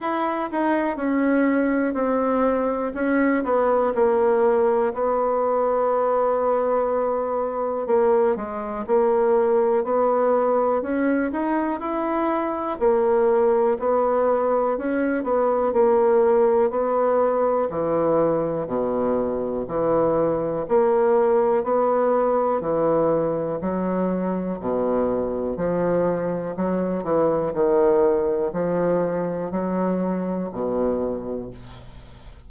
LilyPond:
\new Staff \with { instrumentName = "bassoon" } { \time 4/4 \tempo 4 = 61 e'8 dis'8 cis'4 c'4 cis'8 b8 | ais4 b2. | ais8 gis8 ais4 b4 cis'8 dis'8 | e'4 ais4 b4 cis'8 b8 |
ais4 b4 e4 b,4 | e4 ais4 b4 e4 | fis4 b,4 f4 fis8 e8 | dis4 f4 fis4 b,4 | }